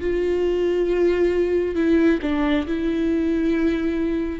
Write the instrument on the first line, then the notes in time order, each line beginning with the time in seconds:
viola
0.00 F4
1.75 E4
2.22 D4
2.67 E4